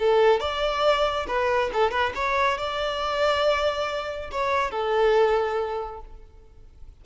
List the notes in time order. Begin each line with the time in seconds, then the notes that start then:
0.00 A4
0.40 D5
1.28 B4
1.73 A4
1.92 B4
2.16 C#5
2.58 D5
4.32 C#5
4.71 A4